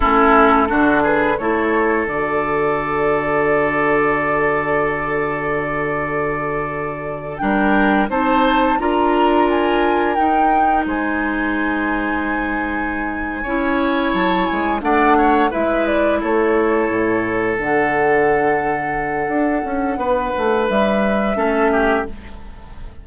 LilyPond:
<<
  \new Staff \with { instrumentName = "flute" } { \time 4/4 \tempo 4 = 87 a'4. b'8 cis''4 d''4~ | d''1~ | d''2~ d''8. g''4 a''16~ | a''8. ais''4 gis''4 g''4 gis''16~ |
gis''1~ | gis''8 a''8 gis''8 fis''4 e''8 d''8 cis''8~ | cis''4. fis''2~ fis''8~ | fis''2 e''2 | }
  \new Staff \with { instrumentName = "oboe" } { \time 4/4 e'4 fis'8 gis'8 a'2~ | a'1~ | a'2~ a'8. ais'4 c''16~ | c''8. ais'2. c''16~ |
c''2.~ c''8 cis''8~ | cis''4. d''8 cis''8 b'4 a'8~ | a'1~ | a'4 b'2 a'8 g'8 | }
  \new Staff \with { instrumentName = "clarinet" } { \time 4/4 cis'4 d'4 e'4 fis'4~ | fis'1~ | fis'2~ fis'8. d'4 dis'16~ | dis'8. f'2 dis'4~ dis'16~ |
dis'2.~ dis'8 e'8~ | e'4. d'4 e'4.~ | e'4. d'2~ d'8~ | d'2. cis'4 | }
  \new Staff \with { instrumentName = "bassoon" } { \time 4/4 a4 d4 a4 d4~ | d1~ | d2~ d8. g4 c'16~ | c'8. d'2 dis'4 gis16~ |
gis2.~ gis8 cis'8~ | cis'8 fis8 gis8 a4 gis4 a8~ | a8 a,4 d2~ d8 | d'8 cis'8 b8 a8 g4 a4 | }
>>